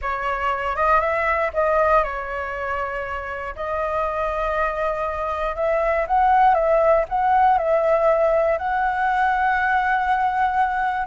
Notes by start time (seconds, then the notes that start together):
0.01 C#5
0.75 D#5
1.00 E5
1.53 D#5
2.03 C#5
3.55 D#5
5.55 E5
6.07 F#5
6.54 E5
7.08 F#5
7.57 E5
8.58 F#5